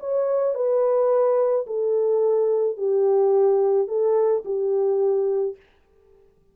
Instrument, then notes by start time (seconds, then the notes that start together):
horn
0.00 C#5
0.55 B4
1.67 A4
2.77 G4
3.88 A4
4.45 G4